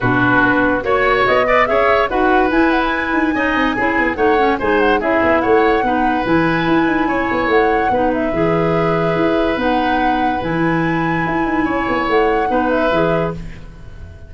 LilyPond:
<<
  \new Staff \with { instrumentName = "flute" } { \time 4/4 \tempo 4 = 144 b'2 cis''4 dis''4 | e''4 fis''4 gis''8 fis''16 gis''4~ gis''16~ | gis''2 fis''4 gis''8 fis''8 | e''4 fis''2 gis''4~ |
gis''2 fis''4. e''8~ | e''2. fis''4~ | fis''4 gis''2.~ | gis''4 fis''4. e''4. | }
  \new Staff \with { instrumentName = "oboe" } { \time 4/4 fis'2 cis''4. d''8 | cis''4 b'2. | dis''4 gis'4 cis''4 c''4 | gis'4 cis''4 b'2~ |
b'4 cis''2 b'4~ | b'1~ | b'1 | cis''2 b'2 | }
  \new Staff \with { instrumentName = "clarinet" } { \time 4/4 d'2 fis'4. b'8 | gis'4 fis'4 e'2 | dis'4 e'4 dis'8 cis'8 dis'4 | e'2 dis'4 e'4~ |
e'2. dis'4 | gis'2. dis'4~ | dis'4 e'2.~ | e'2 dis'4 gis'4 | }
  \new Staff \with { instrumentName = "tuba" } { \time 4/4 b,4 b4 ais4 b4 | cis'4 dis'4 e'4. dis'8 | cis'8 c'8 cis'8 b8 a4 gis4 | cis'8 b8 a4 b4 e4 |
e'8 dis'8 cis'8 b8 a4 b4 | e2 e'4 b4~ | b4 e2 e'8 dis'8 | cis'8 b8 a4 b4 e4 | }
>>